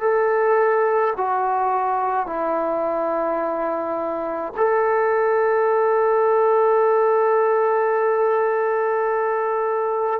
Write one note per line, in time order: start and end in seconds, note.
0.00 1.13 A4
1.16 2.26 F#4
2.26 4.52 E4
4.56 10.20 A4